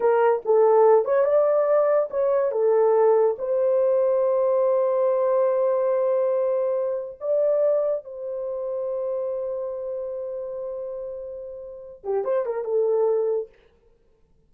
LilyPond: \new Staff \with { instrumentName = "horn" } { \time 4/4 \tempo 4 = 142 ais'4 a'4. cis''8 d''4~ | d''4 cis''4 a'2 | c''1~ | c''1~ |
c''4 d''2 c''4~ | c''1~ | c''1~ | c''8 g'8 c''8 ais'8 a'2 | }